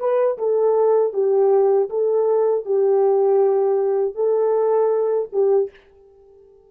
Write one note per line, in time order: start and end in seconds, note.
0.00 0.38 B4
0.39 1.14 A4
1.14 1.90 G4
1.90 2.65 A4
2.65 4.15 G4
4.15 5.29 A4
5.33 5.71 G4